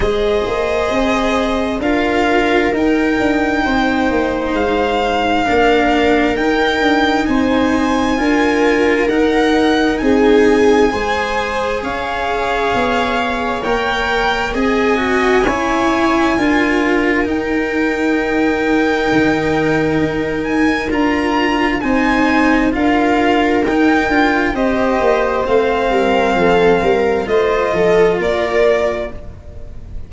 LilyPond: <<
  \new Staff \with { instrumentName = "violin" } { \time 4/4 \tempo 4 = 66 dis''2 f''4 g''4~ | g''4 f''2 g''4 | gis''2 fis''4 gis''4~ | gis''4 f''2 g''4 |
gis''2. g''4~ | g''2~ g''8 gis''8 ais''4 | gis''4 f''4 g''4 dis''4 | f''2 dis''4 d''4 | }
  \new Staff \with { instrumentName = "viola" } { \time 4/4 c''2 ais'2 | c''2 ais'2 | c''4 ais'2 gis'4 | c''4 cis''2. |
dis''4 cis''4 ais'2~ | ais'1 | c''4 ais'2 c''4~ | c''8 ais'8 a'8 ais'8 c''8 a'8 ais'4 | }
  \new Staff \with { instrumentName = "cello" } { \time 4/4 gis'2 f'4 dis'4~ | dis'2 d'4 dis'4~ | dis'4 f'4 dis'2 | gis'2. ais'4 |
gis'8 fis'8 e'4 f'4 dis'4~ | dis'2. f'4 | dis'4 f'4 dis'8 f'8 g'4 | c'2 f'2 | }
  \new Staff \with { instrumentName = "tuba" } { \time 4/4 gis8 ais8 c'4 d'4 dis'8 d'8 | c'8 ais8 gis4 ais4 dis'8 d'8 | c'4 d'4 dis'4 c'4 | gis4 cis'4 b4 ais4 |
c'4 cis'4 d'4 dis'4~ | dis'4 dis4 dis'4 d'4 | c'4 d'4 dis'8 d'8 c'8 ais8 | a8 g8 f8 g8 a8 f8 ais4 | }
>>